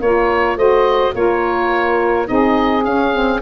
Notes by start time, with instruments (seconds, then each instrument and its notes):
0.00 tuba A#3, saxophone F4 A#4, oboe C#5
0.56 tuba A3, saxophone F#4 C5, oboe D#5
1.13 tuba A#3, saxophone F4 A#4, oboe C#5
2.25 tuba C4, saxophone D#4 G#4, oboe D#5
2.84 tuba C#4, saxophone C#4, oboe F5
3.13 saxophone C4